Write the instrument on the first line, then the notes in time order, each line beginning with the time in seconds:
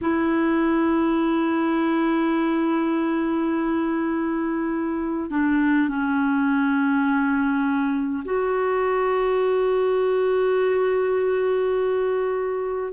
clarinet
0.01 E4
5.30 D4
5.88 C#4
8.24 F#4